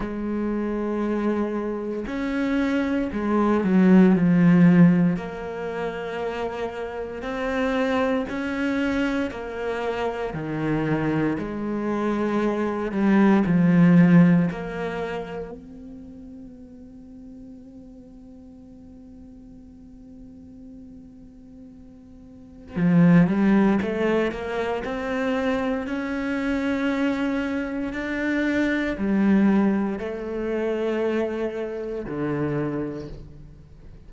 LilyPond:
\new Staff \with { instrumentName = "cello" } { \time 4/4 \tempo 4 = 58 gis2 cis'4 gis8 fis8 | f4 ais2 c'4 | cis'4 ais4 dis4 gis4~ | gis8 g8 f4 ais4 c'4~ |
c'1~ | c'2 f8 g8 a8 ais8 | c'4 cis'2 d'4 | g4 a2 d4 | }